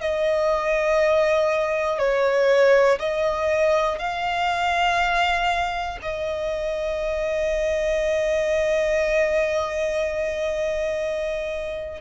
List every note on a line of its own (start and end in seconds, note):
0.00 1.99 D#5
1.99 2.99 C#5
2.99 3.98 D#5
3.98 5.98 F5
6.02 12.00 D#5